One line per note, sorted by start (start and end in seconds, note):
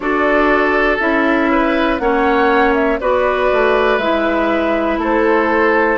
0.00 0.99 D4
0.00 1.00 F#4
0.00 1.51 A4
0.00 0.97 D5
1.00 1.99 C#4
1.00 1.99 E4
1.00 1.98 E5
1.51 2.01 B4
1.98 2.99 A#3
1.98 2.99 C#4
1.98 3.00 C#5
1.98 2.73 F#5
2.74 2.99 E5
3.00 3.50 B3
3.00 4.00 F#4
3.00 5.00 B4
3.00 3.98 D5
3.52 3.98 A3
3.98 4.97 G#3
3.98 5.98 E4
3.98 4.98 E5
4.97 5.97 A3
4.97 5.98 A4
5.03 5.98 C5